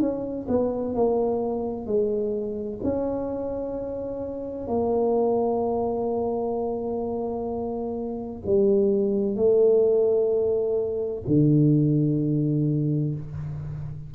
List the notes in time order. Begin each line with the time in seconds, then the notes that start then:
0.00 C#4
0.48 B3
0.95 A#3
1.86 G#3
2.83 C#4
4.67 A#3
8.46 G3
9.36 A3
11.27 D3